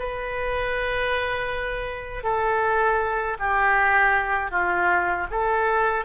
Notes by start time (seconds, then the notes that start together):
0.00 B4
2.24 A4
3.39 G4
4.52 F4
5.31 A4